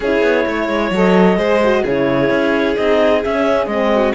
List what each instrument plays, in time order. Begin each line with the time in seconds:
0.00 cello C#4, horn E4, violin G#4, clarinet C#5
0.22 cello B3
0.46 cello A3, violin C#5
0.68 cello G#3
0.91 cello F#3, horn A4
0.97 clarinet D#5
1.37 cello G#3, horn G#4, violin C5
1.63 horn F#4
1.82 cello C#3, horn E4, violin G#4, clarinet C#5
2.30 cello C#4
2.76 cello C4, horn D#4, clarinet D#5
3.23 horn C#4, cello C#4, clarinet E5
3.66 cello G#3, horn C4, clarinet D#5
3.94 violin F#4